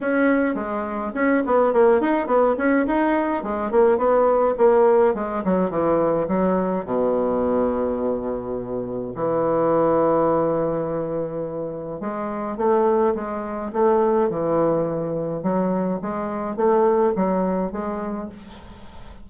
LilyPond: \new Staff \with { instrumentName = "bassoon" } { \time 4/4 \tempo 4 = 105 cis'4 gis4 cis'8 b8 ais8 dis'8 | b8 cis'8 dis'4 gis8 ais8 b4 | ais4 gis8 fis8 e4 fis4 | b,1 |
e1~ | e4 gis4 a4 gis4 | a4 e2 fis4 | gis4 a4 fis4 gis4 | }